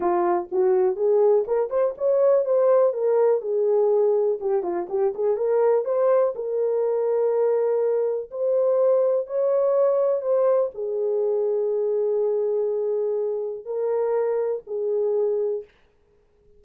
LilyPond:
\new Staff \with { instrumentName = "horn" } { \time 4/4 \tempo 4 = 123 f'4 fis'4 gis'4 ais'8 c''8 | cis''4 c''4 ais'4 gis'4~ | gis'4 g'8 f'8 g'8 gis'8 ais'4 | c''4 ais'2.~ |
ais'4 c''2 cis''4~ | cis''4 c''4 gis'2~ | gis'1 | ais'2 gis'2 | }